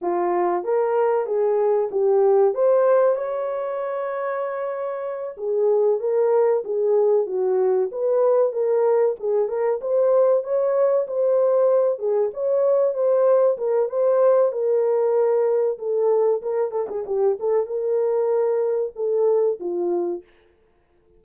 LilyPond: \new Staff \with { instrumentName = "horn" } { \time 4/4 \tempo 4 = 95 f'4 ais'4 gis'4 g'4 | c''4 cis''2.~ | cis''8 gis'4 ais'4 gis'4 fis'8~ | fis'8 b'4 ais'4 gis'8 ais'8 c''8~ |
c''8 cis''4 c''4. gis'8 cis''8~ | cis''8 c''4 ais'8 c''4 ais'4~ | ais'4 a'4 ais'8 a'16 gis'16 g'8 a'8 | ais'2 a'4 f'4 | }